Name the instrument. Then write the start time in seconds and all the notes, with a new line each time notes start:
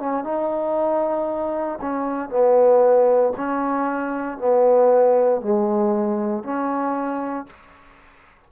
trombone
0.00 C#4
0.24 D#4
1.81 C#4
2.30 B3
3.37 C#4
4.38 B3
5.42 G#3
6.44 C#4